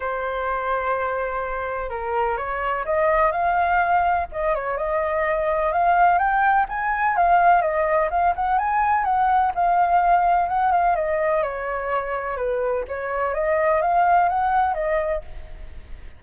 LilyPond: \new Staff \with { instrumentName = "flute" } { \time 4/4 \tempo 4 = 126 c''1 | ais'4 cis''4 dis''4 f''4~ | f''4 dis''8 cis''8 dis''2 | f''4 g''4 gis''4 f''4 |
dis''4 f''8 fis''8 gis''4 fis''4 | f''2 fis''8 f''8 dis''4 | cis''2 b'4 cis''4 | dis''4 f''4 fis''4 dis''4 | }